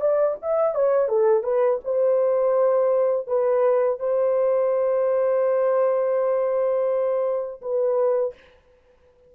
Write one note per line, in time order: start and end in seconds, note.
0.00 0.36 D5
0.42 0.75 E5
0.75 1.08 C#5
1.08 1.43 A4
1.43 1.79 B4
1.84 3.27 C5
3.27 3.99 B4
4.00 7.61 C5
7.61 8.33 B4